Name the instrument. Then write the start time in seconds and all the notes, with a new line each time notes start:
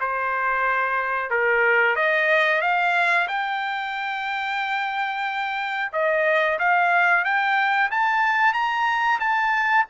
trumpet
0.00 C5
1.30 A#4
1.96 D#5
2.61 F5
3.28 G5
5.93 D#5
6.59 F5
7.24 G5
7.91 A5
8.53 A#5
9.19 A5